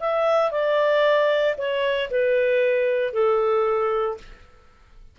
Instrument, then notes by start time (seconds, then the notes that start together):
clarinet
0.00 E5
0.52 D5
1.58 C#5
2.11 B4
3.14 A4